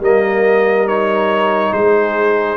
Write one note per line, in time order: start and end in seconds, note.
0.00 1.71 G3
0.00 0.88 A#3
0.00 1.73 A#4
0.00 0.88 D#5
0.88 2.57 D#4
0.88 1.73 C#5
1.73 2.57 G#3
1.73 2.57 G#4
1.73 2.57 C5